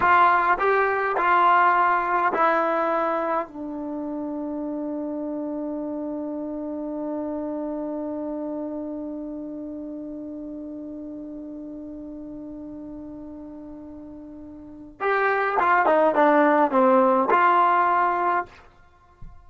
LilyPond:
\new Staff \with { instrumentName = "trombone" } { \time 4/4 \tempo 4 = 104 f'4 g'4 f'2 | e'2 d'2~ | d'1~ | d'1~ |
d'1~ | d'1~ | d'2 g'4 f'8 dis'8 | d'4 c'4 f'2 | }